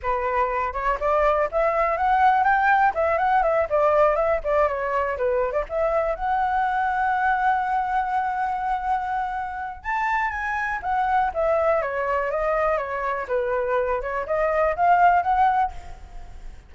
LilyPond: \new Staff \with { instrumentName = "flute" } { \time 4/4 \tempo 4 = 122 b'4. cis''8 d''4 e''4 | fis''4 g''4 e''8 fis''8 e''8 d''8~ | d''8 e''8 d''8 cis''4 b'8. d''16 e''8~ | e''8 fis''2.~ fis''8~ |
fis''1 | a''4 gis''4 fis''4 e''4 | cis''4 dis''4 cis''4 b'4~ | b'8 cis''8 dis''4 f''4 fis''4 | }